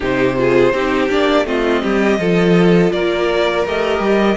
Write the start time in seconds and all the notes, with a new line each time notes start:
0.00 C3 D#4 G4 C5
0.37 F4 G#4
0.72 C4 D#4 G4
1.09 A#3 D4 D5
1.45 A3 C4 F4 D#5
1.82 G3 G4
2.18 F3 F4 A4
2.92 A#3 A#4 D5
3.66 A3 G4 D#5
3.99 G3